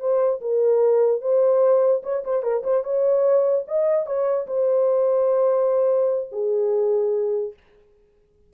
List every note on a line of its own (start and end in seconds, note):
0.00 0.41 C5
0.41 1.21 A#4
1.21 2.02 C5
2.03 2.23 C#5
2.24 2.43 C5
2.43 2.63 A#4
2.64 2.84 C5
2.84 3.65 C#5
3.67 4.06 D#5
4.06 4.47 C#5
4.47 6.29 C5
6.32 7.54 G#4